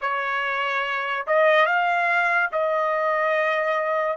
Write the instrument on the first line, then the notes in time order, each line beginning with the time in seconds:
trumpet
0.01 C#5
1.27 D#5
1.66 F5
2.52 D#5